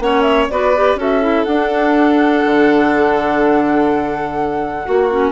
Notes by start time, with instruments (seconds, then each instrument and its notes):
0.00 bassoon A#3, clarinet C#4, violin C#5, flute F#5
0.22 flute E5
0.50 bassoon B3, clarinet F#4, violin B4, flute D5
0.76 clarinet G4
0.96 bassoon C#4, clarinet F#4, violin A4
1.02 flute E5
1.22 clarinet E4
1.44 clarinet D4, bassoon D4, flute F#5
2.46 bassoon D3
4.86 bassoon A#3, clarinet F#4, violin F#4
5.11 clarinet C#4